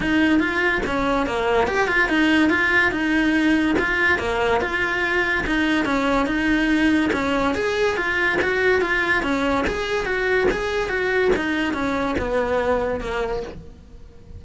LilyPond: \new Staff \with { instrumentName = "cello" } { \time 4/4 \tempo 4 = 143 dis'4 f'4 cis'4 ais4 | g'8 f'8 dis'4 f'4 dis'4~ | dis'4 f'4 ais4 f'4~ | f'4 dis'4 cis'4 dis'4~ |
dis'4 cis'4 gis'4 f'4 | fis'4 f'4 cis'4 gis'4 | fis'4 gis'4 fis'4 dis'4 | cis'4 b2 ais4 | }